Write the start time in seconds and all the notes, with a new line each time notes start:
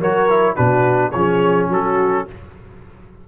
0.00 F#3 F#4 A#4 C#5
0.29 E4
0.55 B2 D4 F#4 B4
1.11 F3 C#4 G#4 C#5
1.69 F#3 F#4 A4